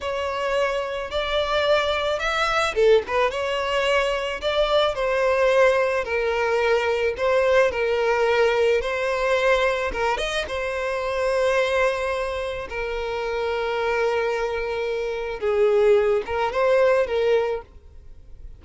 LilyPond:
\new Staff \with { instrumentName = "violin" } { \time 4/4 \tempo 4 = 109 cis''2 d''2 | e''4 a'8 b'8 cis''2 | d''4 c''2 ais'4~ | ais'4 c''4 ais'2 |
c''2 ais'8 dis''8 c''4~ | c''2. ais'4~ | ais'1 | gis'4. ais'8 c''4 ais'4 | }